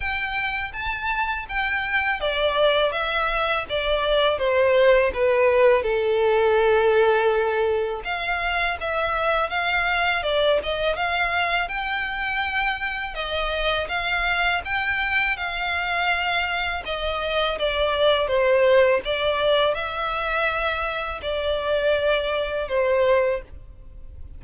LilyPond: \new Staff \with { instrumentName = "violin" } { \time 4/4 \tempo 4 = 82 g''4 a''4 g''4 d''4 | e''4 d''4 c''4 b'4 | a'2. f''4 | e''4 f''4 d''8 dis''8 f''4 |
g''2 dis''4 f''4 | g''4 f''2 dis''4 | d''4 c''4 d''4 e''4~ | e''4 d''2 c''4 | }